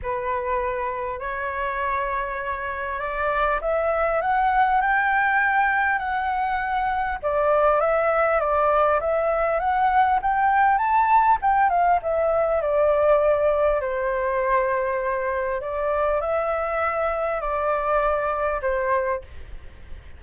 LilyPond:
\new Staff \with { instrumentName = "flute" } { \time 4/4 \tempo 4 = 100 b'2 cis''2~ | cis''4 d''4 e''4 fis''4 | g''2 fis''2 | d''4 e''4 d''4 e''4 |
fis''4 g''4 a''4 g''8 f''8 | e''4 d''2 c''4~ | c''2 d''4 e''4~ | e''4 d''2 c''4 | }